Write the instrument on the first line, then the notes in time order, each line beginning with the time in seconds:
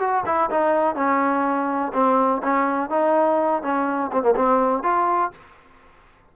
trombone
0.00 F#4
0.26 E4
0.51 D#4
0.96 C#4
1.94 C4
2.43 C#4
2.90 D#4
3.63 C#4
4.13 C4
4.23 A#3
4.36 C4
4.84 F4